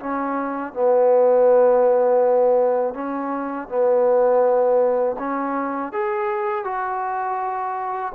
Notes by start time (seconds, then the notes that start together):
0.00 C#4
0.73 B3
2.94 C#4
3.68 B3
5.19 C#4
5.93 G#4
6.65 F#4